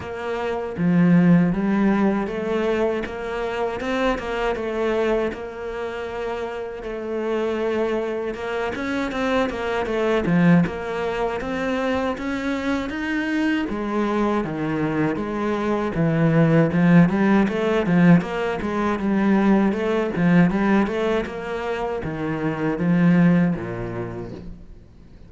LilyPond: \new Staff \with { instrumentName = "cello" } { \time 4/4 \tempo 4 = 79 ais4 f4 g4 a4 | ais4 c'8 ais8 a4 ais4~ | ais4 a2 ais8 cis'8 | c'8 ais8 a8 f8 ais4 c'4 |
cis'4 dis'4 gis4 dis4 | gis4 e4 f8 g8 a8 f8 | ais8 gis8 g4 a8 f8 g8 a8 | ais4 dis4 f4 ais,4 | }